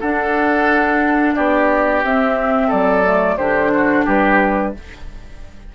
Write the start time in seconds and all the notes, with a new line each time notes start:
0.00 D4 A4 F#5
1.34 B3 G4 D5
2.03 C4 E5
2.67 F#3 A4 D5
3.04 A3
3.37 D3 D4 G4 C5
3.74 F#4
4.05 G3 G4 B4